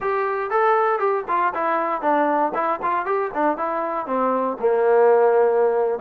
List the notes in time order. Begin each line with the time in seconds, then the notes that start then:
0.00 G4
0.50 A4
0.99 G4
1.28 F4
1.54 E4
2.01 D4
2.54 E4
2.82 F4
3.05 G4
3.34 D4
3.57 E4
4.06 C4
4.59 A#3